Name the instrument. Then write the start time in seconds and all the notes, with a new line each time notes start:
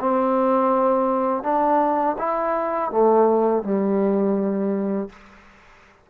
trombone
0.00 C4
1.43 D4
2.19 E4
2.91 A3
3.64 G3